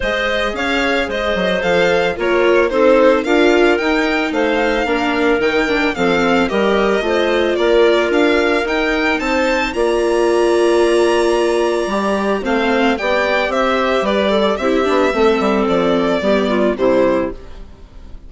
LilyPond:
<<
  \new Staff \with { instrumentName = "violin" } { \time 4/4 \tempo 4 = 111 dis''4 f''4 dis''4 f''4 | cis''4 c''4 f''4 g''4 | f''2 g''4 f''4 | dis''2 d''4 f''4 |
g''4 a''4 ais''2~ | ais''2. f''4 | g''4 e''4 d''4 e''4~ | e''4 d''2 c''4 | }
  \new Staff \with { instrumentName = "clarinet" } { \time 4/4 c''4 cis''4 c''2 | ais'4 a'4 ais'2 | c''4 ais'2 a'4 | ais'4 c''4 ais'2~ |
ais'4 c''4 d''2~ | d''2. c''4 | d''4 c''4 b'8 a'8 g'4 | a'2 g'8 f'8 e'4 | }
  \new Staff \with { instrumentName = "viola" } { \time 4/4 gis'2. a'4 | f'4 dis'4 f'4 dis'4~ | dis'4 d'4 dis'8 d'8 c'4 | g'4 f'2. |
dis'2 f'2~ | f'2 g'4 c'4 | g'2. e'8 d'8 | c'2 b4 g4 | }
  \new Staff \with { instrumentName = "bassoon" } { \time 4/4 gis4 cis'4 gis8 fis8 f4 | ais4 c'4 d'4 dis'4 | a4 ais4 dis4 f4 | g4 a4 ais4 d'4 |
dis'4 c'4 ais2~ | ais2 g4 a4 | b4 c'4 g4 c'8 b8 | a8 g8 f4 g4 c4 | }
>>